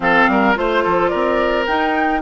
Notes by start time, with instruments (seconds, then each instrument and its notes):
0.00 bassoon F3, clarinet C4, oboe A4, flute F5
0.27 bassoon G3, oboe A#4
0.55 bassoon A3, clarinet F4, flute C5, oboe C5
0.83 bassoon F3, oboe A4
1.08 bassoon C4, oboe A#4, flute D5
1.66 clarinet D#4, bassoon D#4, flute G5